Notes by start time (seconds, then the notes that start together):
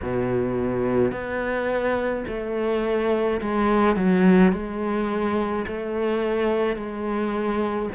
0.02 B2
1.11 B3
2.27 A3
3.41 G#3
3.96 F#3
4.52 G#3
5.67 A3
6.76 G#3